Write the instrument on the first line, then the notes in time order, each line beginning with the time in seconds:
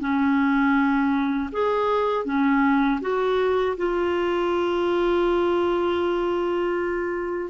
clarinet
0.00 C#4
1.52 G#4
2.25 C#4
3.01 F#4
3.77 F4